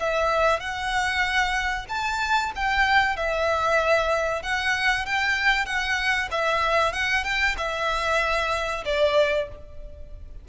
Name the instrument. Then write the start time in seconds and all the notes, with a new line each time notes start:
violin
0.00 E5
0.60 F#5
1.89 A5
2.56 G5
3.17 E5
4.43 F#5
5.06 G5
5.66 F#5
6.32 E5
6.93 F#5
7.25 G5
7.58 E5
8.86 D5